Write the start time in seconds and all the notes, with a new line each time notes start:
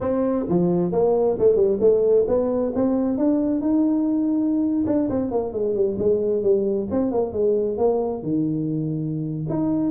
0.00 C4
0.49 F3
0.92 A#3
1.38 A3
1.55 G3
1.80 A3
2.27 B3
2.74 C4
3.17 D4
3.61 D#4
4.86 D4
5.09 C4
5.31 A#3
5.53 G#3
5.75 G3
5.98 G#3
6.42 G3
6.90 C4
7.11 A#3
7.32 G#3
7.77 A#3
8.22 D#3
9.49 D#4